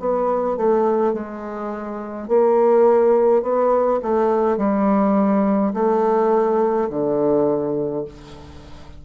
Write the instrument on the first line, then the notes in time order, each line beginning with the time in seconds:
bassoon
0.00 B3
0.57 A3
1.13 G#3
2.28 A#3
3.42 B3
4.03 A3
4.58 G3
5.74 A3
6.90 D3